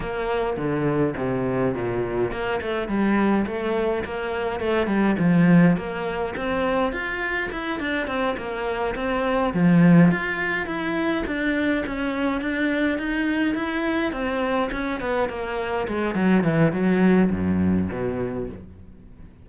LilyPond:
\new Staff \with { instrumentName = "cello" } { \time 4/4 \tempo 4 = 104 ais4 d4 c4 ais,4 | ais8 a8 g4 a4 ais4 | a8 g8 f4 ais4 c'4 | f'4 e'8 d'8 c'8 ais4 c'8~ |
c'8 f4 f'4 e'4 d'8~ | d'8 cis'4 d'4 dis'4 e'8~ | e'8 c'4 cis'8 b8 ais4 gis8 | fis8 e8 fis4 fis,4 b,4 | }